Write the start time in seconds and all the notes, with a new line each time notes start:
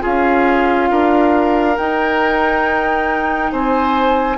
0.00 C#4 F4 G#4 F5
0.90 D4 A#4
1.77 D#4 G5
3.51 C4 C5 G#5